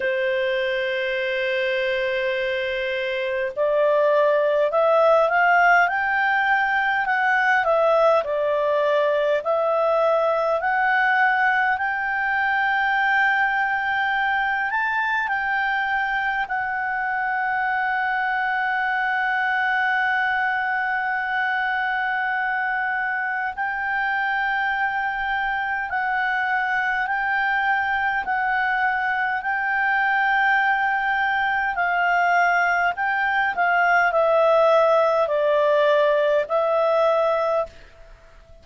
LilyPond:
\new Staff \with { instrumentName = "clarinet" } { \time 4/4 \tempo 4 = 51 c''2. d''4 | e''8 f''8 g''4 fis''8 e''8 d''4 | e''4 fis''4 g''2~ | g''8 a''8 g''4 fis''2~ |
fis''1 | g''2 fis''4 g''4 | fis''4 g''2 f''4 | g''8 f''8 e''4 d''4 e''4 | }